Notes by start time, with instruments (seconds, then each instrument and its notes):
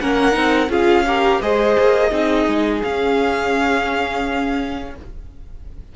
0.00 cello A#3, viola C#4, violin A#4 F#5
0.31 cello C4, viola D#4
0.69 cello C#4, viola F4, violin G#4 F5
1.07 viola G4, violin A#4
1.41 cello G#3, viola G#4, violin C5 D#5
1.79 cello A#3
2.10 cello C4, viola D#4, violin G#4
2.47 cello G#3
2.82 cello C#4, viola C#4, violin F5